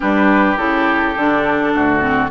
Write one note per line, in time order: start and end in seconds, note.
0.00 0.57 G3
0.00 0.57 D4
0.00 1.72 G4
0.00 0.57 B4
0.57 1.14 C#3
0.57 1.15 E4
0.57 2.30 A4
1.16 1.74 D3
1.16 2.00 D4
1.74 2.30 D2
1.74 2.30 F#4
2.00 2.29 C4